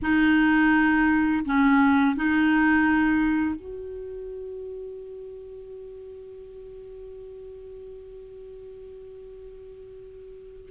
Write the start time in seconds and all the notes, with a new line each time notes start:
0.02 D#4
1.44 C#4
2.16 D#4
3.55 F#4